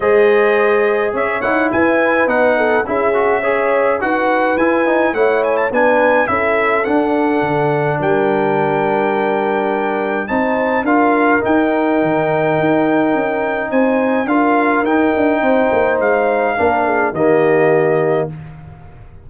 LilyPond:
<<
  \new Staff \with { instrumentName = "trumpet" } { \time 4/4 \tempo 4 = 105 dis''2 e''8 fis''8 gis''4 | fis''4 e''2 fis''4 | gis''4 fis''8 gis''16 a''16 gis''4 e''4 | fis''2 g''2~ |
g''2 a''4 f''4 | g''1 | gis''4 f''4 g''2 | f''2 dis''2 | }
  \new Staff \with { instrumentName = "horn" } { \time 4/4 c''2 cis''4 b'4~ | b'8 a'8 gis'4 cis''4 b'4~ | b'4 cis''4 b'4 a'4~ | a'2 ais'2~ |
ais'2 c''4 ais'4~ | ais'1 | c''4 ais'2 c''4~ | c''4 ais'8 gis'8 g'2 | }
  \new Staff \with { instrumentName = "trombone" } { \time 4/4 gis'2~ gis'8 e'4. | dis'4 e'8 fis'8 gis'4 fis'4 | e'8 dis'8 e'4 d'4 e'4 | d'1~ |
d'2 dis'4 f'4 | dis'1~ | dis'4 f'4 dis'2~ | dis'4 d'4 ais2 | }
  \new Staff \with { instrumentName = "tuba" } { \time 4/4 gis2 cis'8 dis'8 e'4 | b4 cis'2 dis'4 | e'4 a4 b4 cis'4 | d'4 d4 g2~ |
g2 c'4 d'4 | dis'4 dis4 dis'4 cis'4 | c'4 d'4 dis'8 d'8 c'8 ais8 | gis4 ais4 dis2 | }
>>